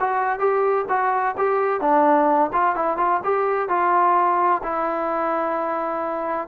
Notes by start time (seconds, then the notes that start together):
0.00 F#4
0.39 G4
0.89 F#4
1.37 G4
1.81 D4
2.53 F4
2.75 E4
2.97 F4
3.24 G4
3.69 F4
4.63 E4